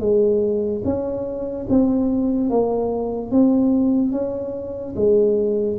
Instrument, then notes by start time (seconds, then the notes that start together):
tuba
0.00 G#3
0.84 C#4
1.69 C4
2.50 A#3
3.31 C4
4.12 C#4
4.96 G#3